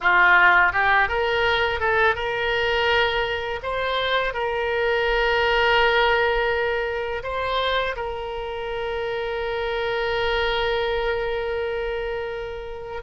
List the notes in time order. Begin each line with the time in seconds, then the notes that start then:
0.00 F4
0.72 G4
1.08 A#4
1.79 A4
2.15 A#4
3.62 C5
4.33 A#4
7.23 C5
7.96 A#4